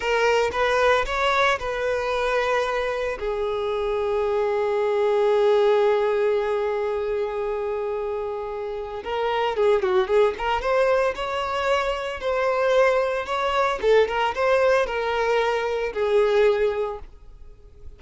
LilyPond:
\new Staff \with { instrumentName = "violin" } { \time 4/4 \tempo 4 = 113 ais'4 b'4 cis''4 b'4~ | b'2 gis'2~ | gis'1~ | gis'1~ |
gis'4 ais'4 gis'8 fis'8 gis'8 ais'8 | c''4 cis''2 c''4~ | c''4 cis''4 a'8 ais'8 c''4 | ais'2 gis'2 | }